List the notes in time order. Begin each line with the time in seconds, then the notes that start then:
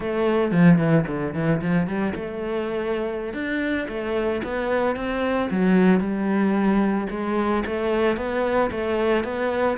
0.00 A3
0.51 F3
0.78 E3
1.07 D3
1.34 E3
1.61 F3
1.87 G3
2.15 A3
3.33 D4
3.88 A3
4.43 B3
4.96 C4
5.51 F#3
6.00 G3
7.10 G#3
7.65 A3
8.16 B3
8.70 A3
9.24 B3